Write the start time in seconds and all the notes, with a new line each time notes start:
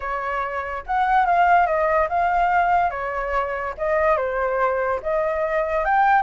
0.00 C#5
0.86 F#5
1.26 F5
1.66 D#5
2.08 F5
2.90 C#5
3.77 D#5
4.16 C5
5.02 D#5
5.84 G5